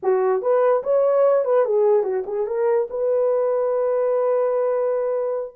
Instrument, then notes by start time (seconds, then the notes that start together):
horn
0.02 F#4
0.41 B4
0.83 C#5
1.44 B4
1.65 G#4
2.03 F#4
2.26 G#4
2.46 A#4
2.90 B4